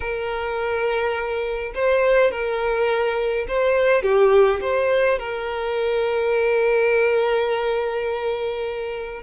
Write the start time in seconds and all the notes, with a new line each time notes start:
0.00 A#4
1.75 C5
2.31 A#4
3.48 C5
4.02 G4
4.61 C5
5.18 A#4